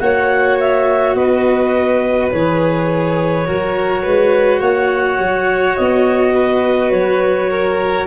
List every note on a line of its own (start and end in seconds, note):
0.00 1.15 A#3
0.00 2.31 F#4
0.00 1.17 C#5
0.00 0.58 F#5
0.59 1.15 E5
1.15 2.30 B3
1.15 3.47 B4
1.15 2.31 D#5
2.31 3.48 E3
2.31 3.45 G#4
2.31 4.61 C#5
3.45 4.06 F#3
3.45 8.07 F#4
3.45 4.03 A#4
4.03 4.61 G#3
4.03 4.60 B4
4.60 5.18 A#3
4.60 6.33 C#5
4.60 5.77 F#5
5.19 5.77 F#3
5.77 6.92 B3
5.77 6.91 D#5
6.35 7.50 B4
6.91 8.07 F#3
6.91 8.06 C#5
7.50 8.07 A#4